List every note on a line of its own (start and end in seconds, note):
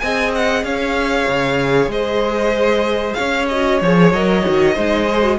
0.00 0.64 C4
0.00 3.51 G#4
0.00 0.66 D#5
0.00 0.32 G#5
0.35 0.64 F#5
0.64 1.27 C#4
0.64 1.92 C#5
0.64 1.91 F5
1.28 1.87 C#3
1.87 3.14 G#3
1.87 3.17 C5
1.87 3.14 D#5
3.14 3.82 C#4
3.14 4.74 C#5
3.14 3.45 F5
3.49 3.83 F#4
3.49 3.80 D#5
3.82 4.12 F3
3.82 4.15 G#4
3.82 4.13 C#5
4.12 4.43 F#3
4.12 4.44 A#4
4.12 5.39 D#5
4.44 4.77 D#3
4.44 4.75 F#4
4.74 5.39 G#3
4.74 5.08 D#4
4.74 5.37 C5
5.08 5.22 G#4
5.22 5.38 F#4